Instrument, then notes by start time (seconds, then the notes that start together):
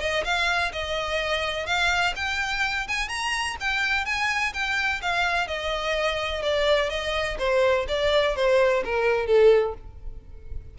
violin
0.00 D#5
0.24 F5
0.73 D#5
1.66 F5
2.16 G5
2.88 G#5
3.09 A#5
3.60 G5
4.05 G#5
4.53 G5
5.02 F5
5.47 D#5
6.42 D5
6.90 D#5
7.39 C5
7.88 D5
8.36 C5
8.85 A#4
9.27 A4